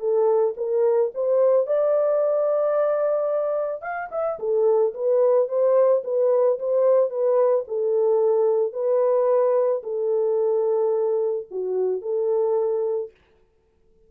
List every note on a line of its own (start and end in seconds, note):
0.00 0.55 A4
0.57 1.12 A#4
1.14 1.67 C5
1.67 3.82 D5
3.82 4.09 F5
4.11 4.39 E5
4.39 4.94 A4
4.94 5.48 B4
5.48 6.03 C5
6.04 6.59 B4
6.59 7.10 C5
7.10 7.65 B4
7.68 8.73 A4
8.73 9.82 B4
9.83 11.47 A4
11.51 12.02 F#4
12.02 13.11 A4